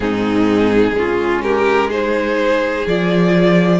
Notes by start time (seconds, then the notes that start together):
0.00 G#2 C4 D#4 G#4
0.92 G#3 C#4 F4
1.42 G4 A#4
1.88 D#4 G#4 C5
2.87 F3 F4 D5